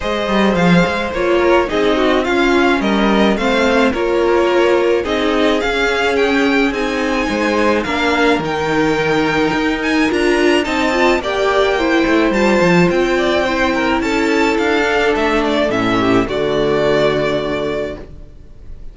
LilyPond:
<<
  \new Staff \with { instrumentName = "violin" } { \time 4/4 \tempo 4 = 107 dis''4 f''4 cis''4 dis''4 | f''4 dis''4 f''4 cis''4~ | cis''4 dis''4 f''4 g''4 | gis''2 f''4 g''4~ |
g''4. gis''8 ais''4 a''4 | g''2 a''4 g''4~ | g''4 a''4 f''4 e''8 d''8 | e''4 d''2. | }
  \new Staff \with { instrumentName = "violin" } { \time 4/4 c''2~ c''8 ais'8 gis'8 fis'8 | f'4 ais'4 c''4 ais'4~ | ais'4 gis'2.~ | gis'4 c''4 ais'2~ |
ais'2. dis''4 | d''4 c''2~ c''8 d''8 | c''8 ais'8 a'2.~ | a'8 g'8 fis'2. | }
  \new Staff \with { instrumentName = "viola" } { \time 4/4 gis'2 f'4 dis'4 | cis'2 c'4 f'4~ | f'4 dis'4 cis'2 | dis'2 d'4 dis'4~ |
dis'2 f'4 dis'8 f'8 | g'4 e'4 f'2 | e'2~ e'8 d'4. | cis'4 a2. | }
  \new Staff \with { instrumentName = "cello" } { \time 4/4 gis8 g8 f8 gis8 ais4 c'4 | cis'4 g4 a4 ais4~ | ais4 c'4 cis'2 | c'4 gis4 ais4 dis4~ |
dis4 dis'4 d'4 c'4 | ais4. a8 g8 f8 c'4~ | c'4 cis'4 d'4 a4 | a,4 d2. | }
>>